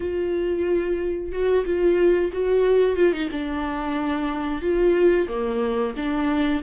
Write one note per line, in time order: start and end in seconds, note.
0.00 1.32 F4
1.32 1.65 F#4
1.65 2.31 F4
2.33 2.96 F#4
2.96 3.12 F4
3.12 3.29 D#4
3.31 4.61 D4
4.61 5.27 F4
5.28 5.94 A#3
5.96 6.62 D4